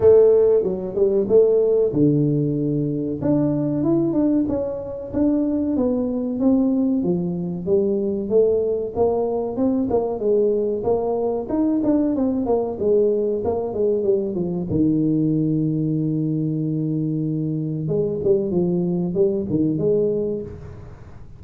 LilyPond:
\new Staff \with { instrumentName = "tuba" } { \time 4/4 \tempo 4 = 94 a4 fis8 g8 a4 d4~ | d4 d'4 e'8 d'8 cis'4 | d'4 b4 c'4 f4 | g4 a4 ais4 c'8 ais8 |
gis4 ais4 dis'8 d'8 c'8 ais8 | gis4 ais8 gis8 g8 f8 dis4~ | dis1 | gis8 g8 f4 g8 dis8 gis4 | }